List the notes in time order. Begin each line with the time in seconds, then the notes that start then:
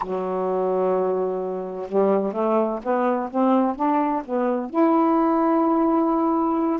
0.01 F#3
1.88 G3
2.32 A3
2.83 B3
3.30 C4
3.75 D4
4.24 B3
4.70 E4